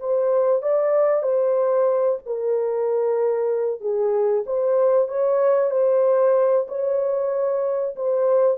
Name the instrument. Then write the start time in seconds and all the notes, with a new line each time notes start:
horn
0.00 C5
0.62 D5
1.23 C5
2.26 A#4
3.80 G#4
4.46 C5
5.08 C#5
5.71 C5
6.68 C#5
7.96 C5